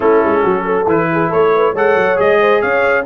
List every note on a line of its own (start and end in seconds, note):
0.00 0.22 A3
0.00 0.85 C#4
0.00 0.42 E4
0.00 0.87 A4
0.24 0.44 G#3
0.42 0.86 F#3
0.42 0.64 F#4
0.65 1.09 A4
0.86 1.30 E3
0.86 1.75 E4
0.86 1.31 B4
1.11 1.29 G#4
1.29 1.74 A3
1.29 1.51 A4
1.29 1.75 C#5
1.54 1.72 B4
1.72 1.95 G#3
1.72 2.16 A4
1.72 2.38 C#5
1.72 2.19 F#5
1.95 2.17 F#3
2.16 2.62 G#3
2.16 3.03 G#4
2.16 2.61 D#5
2.40 2.61 C5
2.61 3.05 C#4
2.61 3.05 C#5
2.61 3.05 F5